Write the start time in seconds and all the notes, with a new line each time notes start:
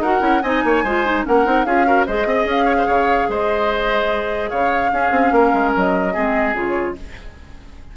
0.00 D#4 F#4 A#4 F#5
0.20 C#4 E4
0.43 C4 D#4 D#5 G#5
0.64 A#3 C#5
0.84 G#3 F4 C5
1.06 D#4
1.26 A#3 C#4 A#4 F#5
1.45 C4 D#4
1.65 C#4 F4 G#4 F5
1.85 F#4 A#4
2.07 G#3 G#4 C5 D#5
2.26 C4 D#5
2.45 C#4 F5
2.65 C#5
2.78 C5
2.87 C#3 C#5
3.29 G#3 C5 D#5
4.50 C#3 C#5 F5
4.92 C#4 G#4
5.12 C4
5.32 A#3 A#4
5.54 G#3
5.76 F#3 D#5
6.14 G#3 C4 G#4
6.54 C#3 F4 C#5